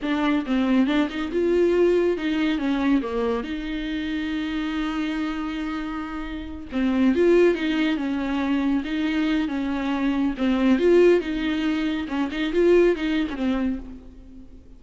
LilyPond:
\new Staff \with { instrumentName = "viola" } { \time 4/4 \tempo 4 = 139 d'4 c'4 d'8 dis'8 f'4~ | f'4 dis'4 cis'4 ais4 | dis'1~ | dis'2.~ dis'8 c'8~ |
c'8 f'4 dis'4 cis'4.~ | cis'8 dis'4. cis'2 | c'4 f'4 dis'2 | cis'8 dis'8 f'4 dis'8. cis'16 c'4 | }